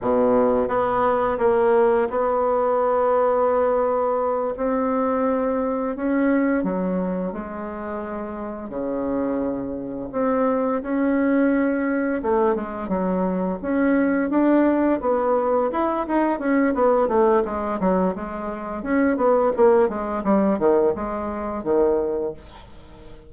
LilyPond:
\new Staff \with { instrumentName = "bassoon" } { \time 4/4 \tempo 4 = 86 b,4 b4 ais4 b4~ | b2~ b8 c'4.~ | c'8 cis'4 fis4 gis4.~ | gis8 cis2 c'4 cis'8~ |
cis'4. a8 gis8 fis4 cis'8~ | cis'8 d'4 b4 e'8 dis'8 cis'8 | b8 a8 gis8 fis8 gis4 cis'8 b8 | ais8 gis8 g8 dis8 gis4 dis4 | }